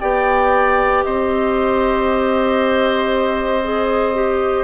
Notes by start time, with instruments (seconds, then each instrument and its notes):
0.00 bassoon B3, clarinet G4, oboe D5, flute G5
1.03 bassoon C4, oboe C5, flute D#5
3.63 clarinet G#4
4.14 clarinet G4